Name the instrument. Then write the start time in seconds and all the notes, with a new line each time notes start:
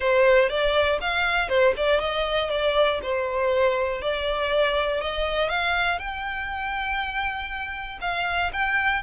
violin
0.00 C5
0.49 D5
1.00 F5
1.48 C5
1.76 D5
2.00 D#5
2.50 D5
3.02 C5
4.01 D5
5.00 D#5
5.49 F5
5.98 G5
8.01 F5
8.53 G5